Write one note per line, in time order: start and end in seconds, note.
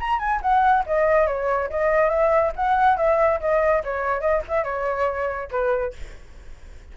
0.00 0.19 A#5
0.19 0.40 G#5
0.42 0.84 F#5
0.86 1.27 D#5
1.27 1.69 C#5
1.70 2.10 D#5
2.10 2.52 E5
2.56 2.97 F#5
2.97 3.40 E5
3.40 3.83 D#5
3.84 4.21 C#5
4.21 4.42 D#5
4.48 4.64 E5
4.64 5.49 C#5
5.51 5.93 B4